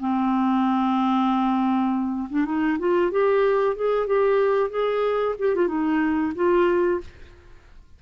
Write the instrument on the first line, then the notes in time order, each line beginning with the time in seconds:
clarinet
0.00 C4
2.29 D4
2.45 D#4
2.79 F4
3.11 G4
3.76 G#4
4.07 G4
4.70 G#4
5.39 G4
5.55 F4
5.68 D#4
6.35 F4